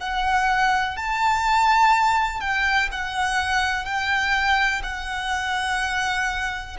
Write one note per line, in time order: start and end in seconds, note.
0.00 0.96 F#5
0.96 2.41 A5
2.41 2.89 G5
2.92 3.85 F#5
3.85 4.82 G5
4.83 6.76 F#5